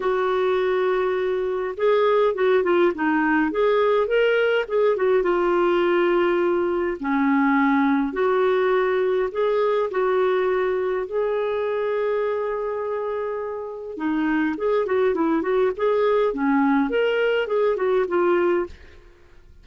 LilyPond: \new Staff \with { instrumentName = "clarinet" } { \time 4/4 \tempo 4 = 103 fis'2. gis'4 | fis'8 f'8 dis'4 gis'4 ais'4 | gis'8 fis'8 f'2. | cis'2 fis'2 |
gis'4 fis'2 gis'4~ | gis'1 | dis'4 gis'8 fis'8 e'8 fis'8 gis'4 | cis'4 ais'4 gis'8 fis'8 f'4 | }